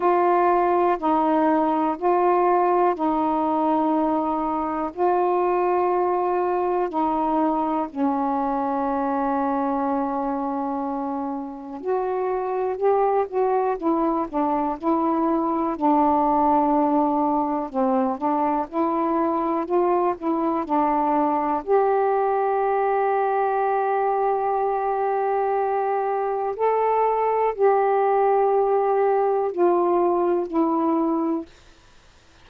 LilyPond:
\new Staff \with { instrumentName = "saxophone" } { \time 4/4 \tempo 4 = 61 f'4 dis'4 f'4 dis'4~ | dis'4 f'2 dis'4 | cis'1 | fis'4 g'8 fis'8 e'8 d'8 e'4 |
d'2 c'8 d'8 e'4 | f'8 e'8 d'4 g'2~ | g'2. a'4 | g'2 f'4 e'4 | }